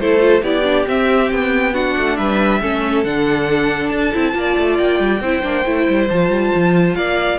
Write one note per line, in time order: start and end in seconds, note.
0.00 0.43 A3
0.00 0.20 E4
0.00 0.44 A4
0.00 0.43 C5
0.20 0.42 F4
0.43 0.86 B3
0.43 0.64 E4
0.43 1.74 G4
0.43 0.87 D5
0.64 0.86 D4
0.88 1.31 C4
0.88 1.74 C4
0.88 1.32 E5
1.32 1.97 B3
1.32 1.75 G5
1.74 2.61 D4
1.74 2.17 F#4
1.74 2.17 F#5
1.98 2.19 A3
2.17 2.62 G3
2.17 2.62 B4
2.17 3.04 E5
2.62 3.05 A3
2.62 3.06 C#4
2.62 4.36 A4
3.05 3.91 D3
3.05 4.14 D4
3.05 3.89 F#5
3.89 4.13 D4
3.89 4.76 A5
4.14 4.35 C4
4.14 4.32 E4
4.32 4.56 A#3
4.32 5.19 F4
4.39 5.23 D5
4.58 4.80 A3
4.78 5.00 A#3
4.78 6.09 G5
5.00 5.21 G3
5.21 5.43 C4
5.21 5.43 E4
5.21 6.97 C5
5.43 5.65 A#3
5.43 5.65 D4
5.66 5.88 A3
5.66 6.10 E4
5.89 6.11 G3
6.10 6.30 F3
6.10 7.40 F4
6.10 6.95 A5
6.30 6.51 G3
6.55 6.96 F3
6.95 7.39 A#3
6.95 7.40 D5
6.95 7.39 F5